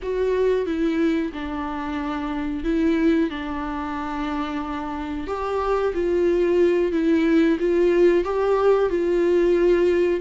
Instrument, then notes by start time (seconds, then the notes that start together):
viola
0.02 F#4
0.66 E4
1.32 D4
2.64 E4
3.30 D4
5.27 G4
5.93 F4
6.92 E4
7.59 F4
8.24 G4
8.89 F4